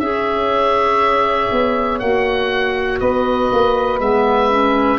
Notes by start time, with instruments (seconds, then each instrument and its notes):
0.00 tuba C#4, clarinet G#4, saxophone C#5, oboe E5
1.52 tuba B3
2.00 tuba A#3, clarinet F#4, oboe F#5
3.00 tuba B3, saxophone B4, oboe D#5
3.52 tuba A#3
4.00 tuba G#3, clarinet B3, oboe E5
4.51 clarinet C#4